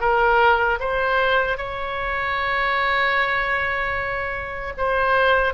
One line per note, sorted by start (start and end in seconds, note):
0.00 0.79 A#4
0.80 1.58 C5
1.58 4.73 C#5
4.77 5.54 C5